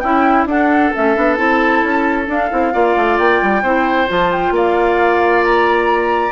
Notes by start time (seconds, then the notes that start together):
0.00 C#4 E4 G5
0.45 D4 A4 F#5
0.93 A3 C#4 E5
1.15 B3 D4
1.34 C4 E4 A5
1.83 C#4
2.26 D4 F5
2.50 C4 E4
2.72 A#3 F4 D5
2.96 A3
3.18 A#3 G5
3.42 G3
3.62 C4 E4 C5
4.08 F3 F4 A5
4.32 G5
4.51 A#3 D5 F5
5.44 A#5